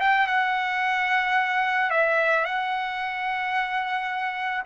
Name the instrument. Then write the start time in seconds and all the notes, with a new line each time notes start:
trumpet
0.00 G5
0.27 F#5
1.90 E5
2.45 F#5